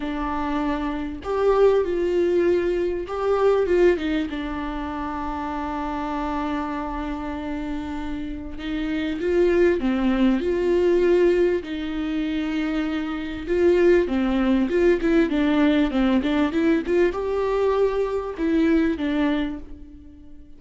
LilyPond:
\new Staff \with { instrumentName = "viola" } { \time 4/4 \tempo 4 = 98 d'2 g'4 f'4~ | f'4 g'4 f'8 dis'8 d'4~ | d'1~ | d'2 dis'4 f'4 |
c'4 f'2 dis'4~ | dis'2 f'4 c'4 | f'8 e'8 d'4 c'8 d'8 e'8 f'8 | g'2 e'4 d'4 | }